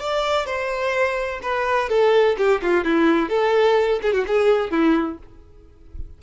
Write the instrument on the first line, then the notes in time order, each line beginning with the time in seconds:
violin
0.00 D5
0.47 C5
1.43 B4
1.90 A4
2.38 G4
2.62 F4
2.85 E4
3.30 A4
4.03 G#4
4.13 F#4
4.28 G#4
4.71 E4